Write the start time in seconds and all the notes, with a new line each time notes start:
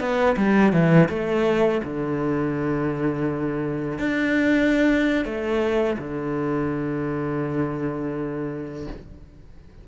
0.00 B3
0.37 G3
0.73 E3
1.09 A3
1.84 D3
3.99 D4
5.25 A3
5.99 D3